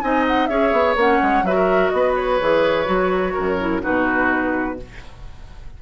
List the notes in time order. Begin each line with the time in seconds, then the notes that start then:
0.00 C4 D#4 D#5 G#5
0.27 F#5
0.46 C#4 G#4 C#5 E5
0.72 B3
0.95 A#3 C#4 F#5
1.22 G#3
1.42 F#3 F#4 B4 E5
1.55 A#4
1.89 B3 D#5
1.96 B4
2.15 C#5
2.40 E3 G#4
2.84 F#3 F#4
3.33 F#2 A#4
3.60 E4
3.81 B2 D#4 F#4 B4